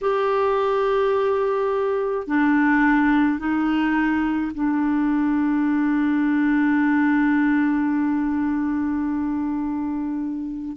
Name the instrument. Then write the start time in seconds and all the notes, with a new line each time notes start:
clarinet
0.01 G4
2.26 D4
3.38 D#4
4.54 D4